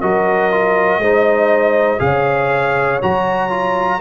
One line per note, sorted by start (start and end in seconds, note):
0.00 0.98 F#3
0.00 0.51 F#4
0.00 1.00 A#4
0.00 2.00 D#5
0.51 1.01 F4
0.98 1.98 G#3
0.98 1.99 D#4
0.98 2.01 C5
1.99 3.00 C#3
1.99 2.99 G#4
1.99 4.00 C#5
1.99 3.00 F5
3.02 4.00 F#3
3.02 3.50 F#4
3.02 4.00 A#5
3.50 4.00 F4